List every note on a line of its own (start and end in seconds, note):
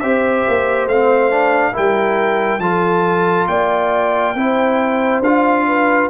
0.00 0.46 C4
0.00 0.89 G4
0.00 1.74 C5
0.00 0.87 E5
0.48 0.86 A#3
0.86 1.73 A3
0.86 1.30 C4
0.86 1.76 F5
1.30 1.73 D4
1.73 2.59 G3
1.73 2.60 E4
1.73 2.61 A#4
1.73 2.60 G5
2.59 3.46 F3
2.59 4.36 F4
2.59 3.49 A4
2.59 3.47 A5
3.48 4.35 A#3
3.48 4.36 D5
3.48 5.22 G5
4.35 5.21 C4
4.35 5.23 E4
4.35 5.67 C5
5.21 6.08 D4
5.21 6.10 F4
5.21 6.10 F5
5.67 6.10 B4